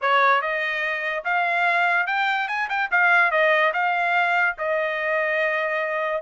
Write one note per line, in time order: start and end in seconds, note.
0.01 0.41 C#5
0.41 1.24 D#5
1.24 2.06 F5
2.06 2.48 G5
2.48 2.68 G#5
2.69 2.89 G5
2.91 3.31 F5
3.31 3.72 D#5
3.73 4.55 F5
4.57 6.22 D#5